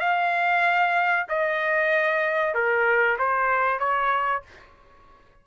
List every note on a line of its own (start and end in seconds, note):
0.00 1.26 F5
1.29 2.54 D#5
2.54 3.18 A#4
3.19 3.80 C5
3.80 4.43 C#5